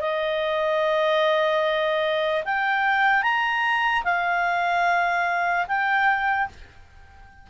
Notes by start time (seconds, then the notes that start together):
0.00 D#5
2.45 G5
3.22 A#5
4.04 F5
5.67 G5